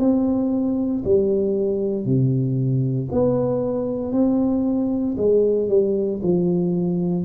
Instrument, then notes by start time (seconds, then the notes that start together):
tuba
0.00 C4
1.05 G3
2.05 C3
3.12 B3
4.13 C4
5.18 G#3
5.69 G3
6.23 F3